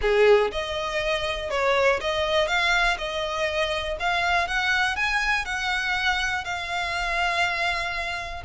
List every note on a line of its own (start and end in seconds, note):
0.01 0.51 G#4
0.51 1.50 D#5
1.50 2.00 C#5
2.00 2.47 D#5
2.47 2.97 F5
2.98 3.97 D#5
3.99 4.47 F5
4.47 4.96 F#5
4.96 5.45 G#5
5.45 6.44 F#5
6.44 8.42 F5